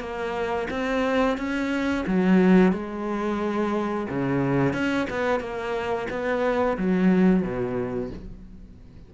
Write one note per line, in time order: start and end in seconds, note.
0.00 0.67 A#3
0.70 1.37 C4
1.37 2.05 C#4
2.07 2.72 F#3
2.72 4.07 G#3
4.09 4.73 C#3
4.73 5.07 C#4
5.10 5.40 B3
5.40 6.07 A#3
6.09 6.77 B3
6.78 7.42 F#3
7.42 8.10 B2